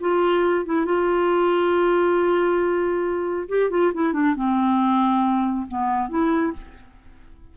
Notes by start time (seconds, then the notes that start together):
0.00 F4
0.65 E4
0.85 F4
3.49 G4
3.70 F4
3.94 E4
4.13 D4
4.35 C4
5.68 B3
6.09 E4